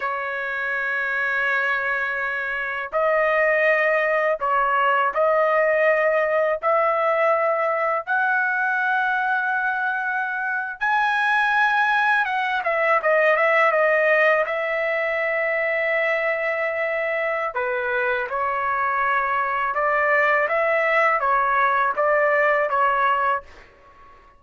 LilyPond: \new Staff \with { instrumentName = "trumpet" } { \time 4/4 \tempo 4 = 82 cis''1 | dis''2 cis''4 dis''4~ | dis''4 e''2 fis''4~ | fis''2~ fis''8. gis''4~ gis''16~ |
gis''8. fis''8 e''8 dis''8 e''8 dis''4 e''16~ | e''1 | b'4 cis''2 d''4 | e''4 cis''4 d''4 cis''4 | }